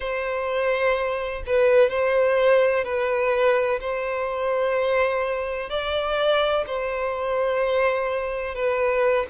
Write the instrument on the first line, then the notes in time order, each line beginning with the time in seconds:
violin
0.00 C5
1.46 B4
1.89 C5
2.84 B4
3.80 C5
5.69 D5
6.66 C5
8.55 B4